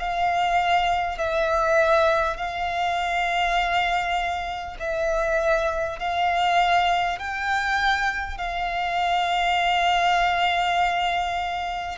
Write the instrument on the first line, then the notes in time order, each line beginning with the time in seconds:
violin
0.00 F5
1.19 E5
2.37 F5
4.80 E5
6.00 F5
7.19 G5
8.38 F5